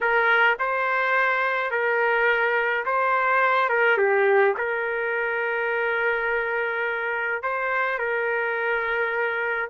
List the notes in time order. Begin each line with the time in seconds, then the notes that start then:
0.00 A#4
0.59 C5
1.70 A#4
2.85 C5
3.69 A#4
3.97 G4
4.57 A#4
7.43 C5
7.98 A#4